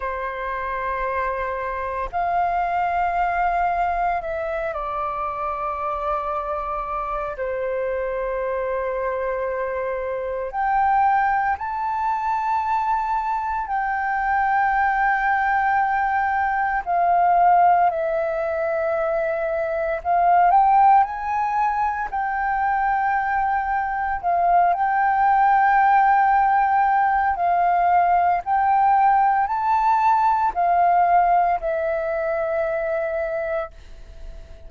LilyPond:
\new Staff \with { instrumentName = "flute" } { \time 4/4 \tempo 4 = 57 c''2 f''2 | e''8 d''2~ d''8 c''4~ | c''2 g''4 a''4~ | a''4 g''2. |
f''4 e''2 f''8 g''8 | gis''4 g''2 f''8 g''8~ | g''2 f''4 g''4 | a''4 f''4 e''2 | }